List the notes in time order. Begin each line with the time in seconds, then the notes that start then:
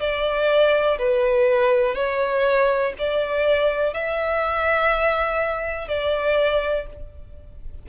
0.00 D5
0.98 B4
1.95 C#5
2.99 D5
3.93 E5
5.88 D5